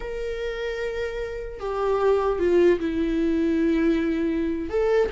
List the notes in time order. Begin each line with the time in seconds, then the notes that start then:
0.00 A#4
1.59 G4
2.39 F4
2.79 E4
4.69 A4